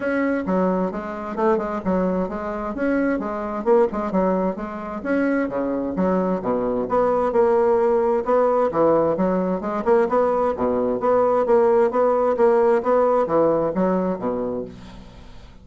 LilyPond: \new Staff \with { instrumentName = "bassoon" } { \time 4/4 \tempo 4 = 131 cis'4 fis4 gis4 a8 gis8 | fis4 gis4 cis'4 gis4 | ais8 gis8 fis4 gis4 cis'4 | cis4 fis4 b,4 b4 |
ais2 b4 e4 | fis4 gis8 ais8 b4 b,4 | b4 ais4 b4 ais4 | b4 e4 fis4 b,4 | }